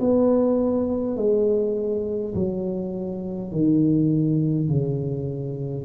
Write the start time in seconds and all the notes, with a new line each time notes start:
0.00 B3
1.17 G#3
2.35 F#3
3.52 D#3
4.68 C#3